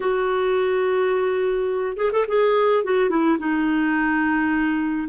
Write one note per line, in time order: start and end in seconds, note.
0.00 1.97 F#4
1.97 2.11 G#4
2.11 2.26 A4
2.27 2.84 G#4
2.84 3.09 F#4
3.09 3.37 E4
3.38 5.08 D#4